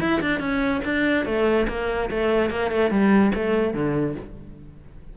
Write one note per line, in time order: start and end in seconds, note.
0.00 0.21 E4
0.21 0.40 D4
0.40 0.82 C#4
0.85 1.26 D4
1.26 1.67 A3
1.68 2.10 A#3
2.11 2.50 A3
2.50 2.71 A#3
2.71 2.91 A3
2.91 3.32 G3
3.35 3.74 A3
3.74 4.16 D3